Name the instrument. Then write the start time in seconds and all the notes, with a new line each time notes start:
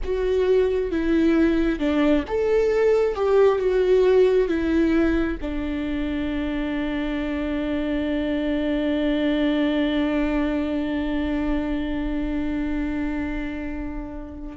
viola
0.03 F#4
0.91 E4
1.79 D4
2.27 A4
3.15 G4
3.58 F#4
4.48 E4
5.41 D4